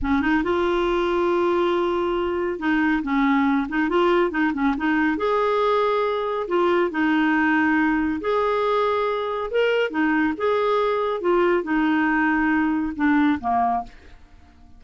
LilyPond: \new Staff \with { instrumentName = "clarinet" } { \time 4/4 \tempo 4 = 139 cis'8 dis'8 f'2.~ | f'2 dis'4 cis'4~ | cis'8 dis'8 f'4 dis'8 cis'8 dis'4 | gis'2. f'4 |
dis'2. gis'4~ | gis'2 ais'4 dis'4 | gis'2 f'4 dis'4~ | dis'2 d'4 ais4 | }